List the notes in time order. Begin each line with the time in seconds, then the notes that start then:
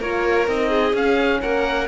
0.00 A#3 F4 A#4 C#5
0.48 C4 D#4 D#5
0.69 G#4
0.93 C#4 F5
1.42 A#3 A#4 F#5